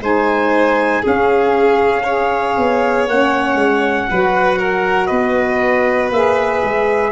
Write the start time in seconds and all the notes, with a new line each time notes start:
0.00 G#3 D#4 C5 G#5
1.01 C#4 G#4 F5
2.03 G#4 C#5
2.57 B3
3.07 A#3 C#4 F#5
3.54 G#3
4.10 F#3 F#4 B4
4.58 A#4
5.06 B3 B4 D#5
6.10 A#3 G#4 E5
6.63 G#3